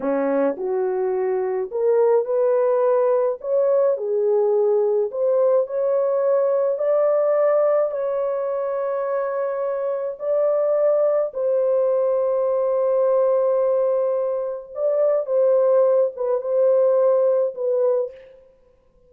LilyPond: \new Staff \with { instrumentName = "horn" } { \time 4/4 \tempo 4 = 106 cis'4 fis'2 ais'4 | b'2 cis''4 gis'4~ | gis'4 c''4 cis''2 | d''2 cis''2~ |
cis''2 d''2 | c''1~ | c''2 d''4 c''4~ | c''8 b'8 c''2 b'4 | }